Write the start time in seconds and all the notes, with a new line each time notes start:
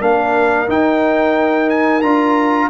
0.00 A#3 D4 A#4 F5
0.68 D#4 G5
1.70 G#5
2.02 D4 F4 A#5